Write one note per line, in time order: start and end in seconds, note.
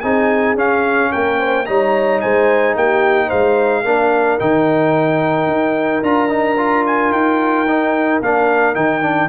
0.00 0.55 C4
0.00 0.56 D#4
0.00 1.10 G#4
0.00 0.55 G#5
0.55 1.10 C#4
0.55 1.65 C#4
0.55 1.11 F5
1.11 1.68 A#3
1.11 1.39 A#4
1.11 1.65 G5
1.39 1.66 C5
1.65 2.23 G3
1.65 3.84 D#4
1.65 2.21 C#5
1.65 2.20 A#5
2.20 2.75 G#3
2.20 2.76 C5
2.20 2.75 G#5
2.75 3.30 A#3
2.75 3.27 G4
2.75 3.29 G5
3.27 3.84 G#3
3.27 3.81 C5
3.27 4.38 F5
3.84 4.38 A#3
3.84 4.39 D4
3.84 9.29 A#4
4.39 5.46 D#3
4.39 6.02 D#4
4.39 6.03 G5
5.46 6.01 D#4
6.02 7.11 D4
6.02 6.29 F4
6.02 6.85 A#5
6.29 6.56 D#4
6.57 7.66 F4
6.86 7.12 G#5
7.11 8.20 D#4
7.11 8.21 G5
7.68 8.22 D#4
8.21 8.75 A#3
8.21 8.75 D4
8.21 8.75 F5
8.75 9.29 D#3
8.75 9.01 D#4
8.75 9.29 G5
9.01 9.28 D4